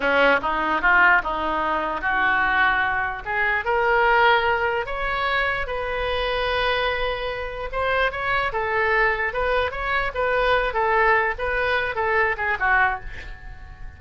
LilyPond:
\new Staff \with { instrumentName = "oboe" } { \time 4/4 \tempo 4 = 148 cis'4 dis'4 f'4 dis'4~ | dis'4 fis'2. | gis'4 ais'2. | cis''2 b'2~ |
b'2. c''4 | cis''4 a'2 b'4 | cis''4 b'4. a'4. | b'4. a'4 gis'8 fis'4 | }